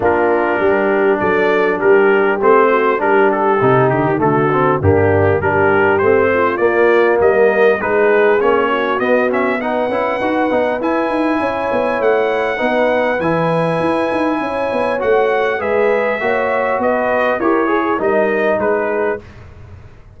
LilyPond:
<<
  \new Staff \with { instrumentName = "trumpet" } { \time 4/4 \tempo 4 = 100 ais'2 d''4 ais'4 | c''4 ais'8 a'4 g'8 a'4 | g'4 ais'4 c''4 d''4 | dis''4 b'4 cis''4 dis''8 e''8 |
fis''2 gis''2 | fis''2 gis''2~ | gis''4 fis''4 e''2 | dis''4 cis''4 dis''4 b'4 | }
  \new Staff \with { instrumentName = "horn" } { \time 4/4 f'4 g'4 a'4 g'4~ | g'8 fis'8 g'2 fis'4 | d'4 g'4. f'4. | ais'4 gis'4. fis'4. |
b'2. cis''4~ | cis''4 b'2. | cis''2 b'4 cis''4 | b'4 ais'8 gis'8 ais'4 gis'4 | }
  \new Staff \with { instrumentName = "trombone" } { \time 4/4 d'1 | c'4 d'4 dis'4 a8 c'8 | ais4 d'4 c'4 ais4~ | ais4 dis'4 cis'4 b8 cis'8 |
dis'8 e'8 fis'8 dis'8 e'2~ | e'4 dis'4 e'2~ | e'4 fis'4 gis'4 fis'4~ | fis'4 g'8 gis'8 dis'2 | }
  \new Staff \with { instrumentName = "tuba" } { \time 4/4 ais4 g4 fis4 g4 | a4 g4 c8 d16 dis16 d4 | g,4 g4 a4 ais4 | g4 gis4 ais4 b4~ |
b8 cis'8 dis'8 b8 e'8 dis'8 cis'8 b8 | a4 b4 e4 e'8 dis'8 | cis'8 b8 a4 gis4 ais4 | b4 e'4 g4 gis4 | }
>>